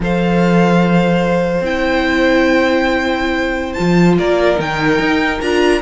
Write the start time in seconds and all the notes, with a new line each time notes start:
0.00 F3 A4 C5 F5
1.60 C4 E4 G5
3.73 F4 A5
3.79 F3
4.18 A#3 A#4 D5
4.56 D#3 D#4 G5
4.99 D#4
5.41 D4 F4 A#5